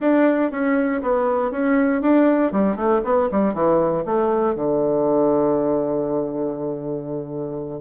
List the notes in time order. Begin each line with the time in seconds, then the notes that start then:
0.00 D4
0.51 C#4
1.02 B3
1.51 C#4
2.01 D4
2.52 G3
2.76 A3
3.04 B3
3.31 G3
3.54 E3
4.05 A3
4.55 D3